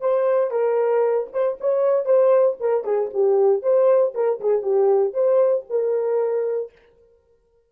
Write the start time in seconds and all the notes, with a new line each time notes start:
0.00 C5
0.50 A#4
1.32 C5
1.60 C#5
2.05 C5
2.60 A#4
2.84 G#4
3.13 G4
3.62 C5
4.14 A#4
4.40 G#4
4.62 G4
5.13 C5
5.69 A#4